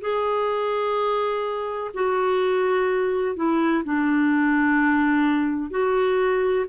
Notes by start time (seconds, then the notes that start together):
0.00 G#4
1.94 F#4
3.35 E4
3.84 D4
5.70 F#4